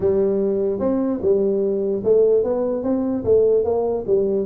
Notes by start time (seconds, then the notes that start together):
0.00 G3
0.79 C4
1.21 G3
2.04 A3
2.43 B3
2.83 C4
3.24 A3
3.64 A#3
4.07 G3